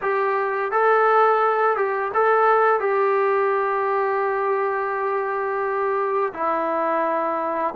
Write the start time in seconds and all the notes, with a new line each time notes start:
0.01 G4
0.71 A4
1.76 G4
2.14 A4
2.79 G4
6.33 E4